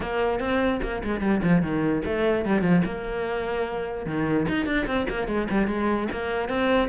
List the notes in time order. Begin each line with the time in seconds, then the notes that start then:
0.00 A#3
0.39 C4
0.82 A#3
1.04 G#3
1.20 G3
1.43 F3
1.62 D#3
2.05 A3
2.45 G3
2.61 F3
2.85 A#3
4.06 D#3
4.48 D#4
4.66 D4
4.86 C4
5.09 A#3
5.27 G#3
5.50 G3
5.67 G#3
6.12 A#3
6.48 C4